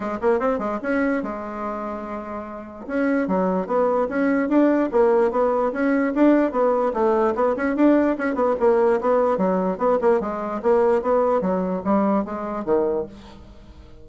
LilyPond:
\new Staff \with { instrumentName = "bassoon" } { \time 4/4 \tempo 4 = 147 gis8 ais8 c'8 gis8 cis'4 gis4~ | gis2. cis'4 | fis4 b4 cis'4 d'4 | ais4 b4 cis'4 d'4 |
b4 a4 b8 cis'8 d'4 | cis'8 b8 ais4 b4 fis4 | b8 ais8 gis4 ais4 b4 | fis4 g4 gis4 dis4 | }